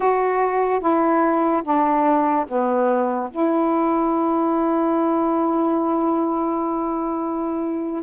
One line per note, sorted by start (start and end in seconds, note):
0.00 0.80 F#4
0.80 1.62 E4
1.63 2.45 D4
2.48 3.30 B3
3.31 8.02 E4